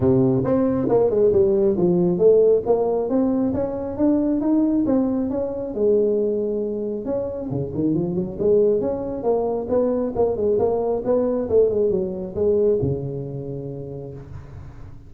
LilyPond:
\new Staff \with { instrumentName = "tuba" } { \time 4/4 \tempo 4 = 136 c4 c'4 ais8 gis8 g4 | f4 a4 ais4 c'4 | cis'4 d'4 dis'4 c'4 | cis'4 gis2. |
cis'4 cis8 dis8 f8 fis8 gis4 | cis'4 ais4 b4 ais8 gis8 | ais4 b4 a8 gis8 fis4 | gis4 cis2. | }